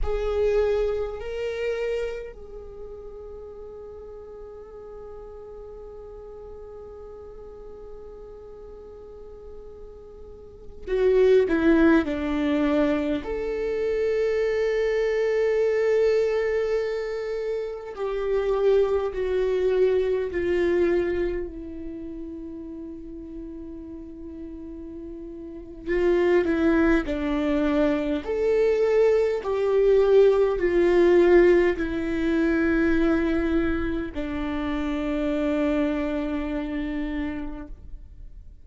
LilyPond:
\new Staff \with { instrumentName = "viola" } { \time 4/4 \tempo 4 = 51 gis'4 ais'4 gis'2~ | gis'1~ | gis'4~ gis'16 fis'8 e'8 d'4 a'8.~ | a'2.~ a'16 g'8.~ |
g'16 fis'4 f'4 e'4.~ e'16~ | e'2 f'8 e'8 d'4 | a'4 g'4 f'4 e'4~ | e'4 d'2. | }